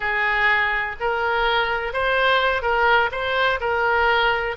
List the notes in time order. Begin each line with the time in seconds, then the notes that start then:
0.00 G#4
0.99 A#4
1.93 C5
2.62 A#4
3.11 C5
3.60 A#4